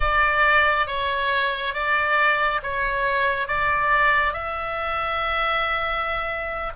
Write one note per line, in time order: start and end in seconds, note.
0.00 0.87 D5
0.87 1.74 C#5
1.74 2.60 D5
2.62 3.47 C#5
3.47 4.33 D5
4.33 6.72 E5